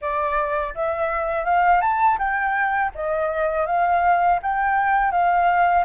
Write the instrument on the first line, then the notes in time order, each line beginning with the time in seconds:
flute
0.01 D5
0.74 E5
1.45 F5
1.81 A5
2.18 G5
2.95 D#5
3.66 F5
4.42 G5
5.11 F5